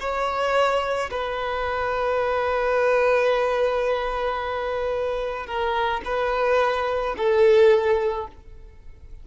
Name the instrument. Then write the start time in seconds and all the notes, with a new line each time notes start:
violin
0.00 C#5
1.11 B4
5.46 A#4
6.05 B4
7.17 A4